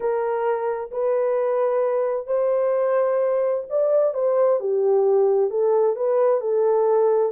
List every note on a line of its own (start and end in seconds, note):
0.00 0.90 A#4
0.91 2.26 B4
2.26 3.64 C5
3.69 4.14 D5
4.14 4.59 C5
4.60 5.50 G4
5.50 5.95 A4
5.95 6.40 B4
6.40 7.32 A4